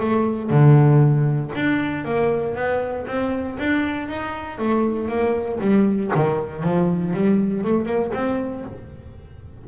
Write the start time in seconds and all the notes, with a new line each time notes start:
0.00 A3
0.50 D3
1.56 D4
2.05 A#3
2.56 B3
3.07 C4
3.59 D4
4.09 D#4
4.59 A3
5.09 A#3
5.61 G3
6.15 D#3
6.64 F3
7.14 G3
7.64 A3
7.86 A#3
8.14 C4